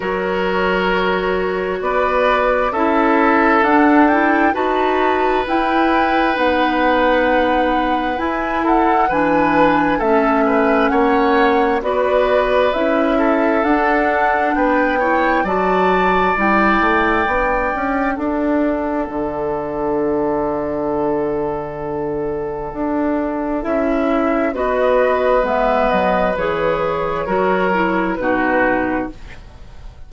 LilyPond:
<<
  \new Staff \with { instrumentName = "flute" } { \time 4/4 \tempo 4 = 66 cis''2 d''4 e''4 | fis''8 g''8 a''4 g''4 fis''4~ | fis''4 gis''8 fis''8 gis''4 e''4 | fis''4 d''4 e''4 fis''4 |
g''4 a''4 g''2 | fis''1~ | fis''2 e''4 dis''4 | e''8 dis''8 cis''2 b'4 | }
  \new Staff \with { instrumentName = "oboe" } { \time 4/4 ais'2 b'4 a'4~ | a'4 b'2.~ | b'4. a'8 b'4 a'8 b'8 | cis''4 b'4. a'4. |
b'8 cis''8 d''2. | a'1~ | a'2. b'4~ | b'2 ais'4 fis'4 | }
  \new Staff \with { instrumentName = "clarinet" } { \time 4/4 fis'2. e'4 | d'8 e'8 fis'4 e'4 dis'4~ | dis'4 e'4 d'4 cis'4~ | cis'4 fis'4 e'4 d'4~ |
d'8 e'8 fis'4 e'4 d'4~ | d'1~ | d'2 e'4 fis'4 | b4 gis'4 fis'8 e'8 dis'4 | }
  \new Staff \with { instrumentName = "bassoon" } { \time 4/4 fis2 b4 cis'4 | d'4 dis'4 e'4 b4~ | b4 e'4 e4 a4 | ais4 b4 cis'4 d'4 |
b4 fis4 g8 a8 b8 cis'8 | d'4 d2.~ | d4 d'4 cis'4 b4 | gis8 fis8 e4 fis4 b,4 | }
>>